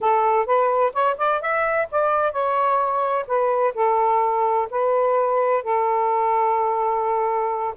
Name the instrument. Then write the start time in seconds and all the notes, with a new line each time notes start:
saxophone
0.00 A4
0.45 B4
0.93 C#5
1.17 D5
1.41 E5
1.91 D5
2.32 C#5
3.27 B4
3.74 A4
4.70 B4
5.63 A4